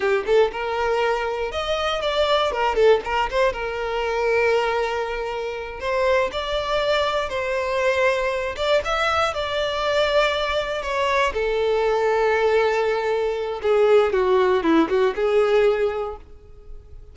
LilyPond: \new Staff \with { instrumentName = "violin" } { \time 4/4 \tempo 4 = 119 g'8 a'8 ais'2 dis''4 | d''4 ais'8 a'8 ais'8 c''8 ais'4~ | ais'2.~ ais'8 c''8~ | c''8 d''2 c''4.~ |
c''4 d''8 e''4 d''4.~ | d''4. cis''4 a'4.~ | a'2. gis'4 | fis'4 e'8 fis'8 gis'2 | }